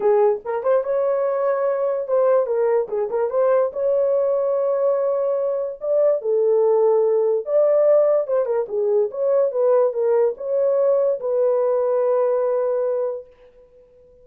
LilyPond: \new Staff \with { instrumentName = "horn" } { \time 4/4 \tempo 4 = 145 gis'4 ais'8 c''8 cis''2~ | cis''4 c''4 ais'4 gis'8 ais'8 | c''4 cis''2.~ | cis''2 d''4 a'4~ |
a'2 d''2 | c''8 ais'8 gis'4 cis''4 b'4 | ais'4 cis''2 b'4~ | b'1 | }